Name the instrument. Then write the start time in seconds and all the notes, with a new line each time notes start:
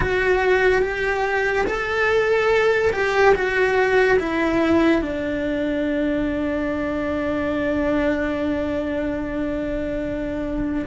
cello
0.00 F#4
0.82 G4
1.66 A4
2.92 G4
3.34 F#4
4.19 E4
5.02 D4